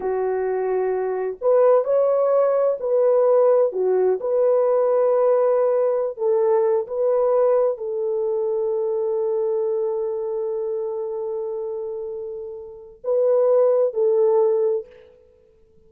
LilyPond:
\new Staff \with { instrumentName = "horn" } { \time 4/4 \tempo 4 = 129 fis'2. b'4 | cis''2 b'2 | fis'4 b'2.~ | b'4~ b'16 a'4. b'4~ b'16~ |
b'8. a'2.~ a'16~ | a'1~ | a'1 | b'2 a'2 | }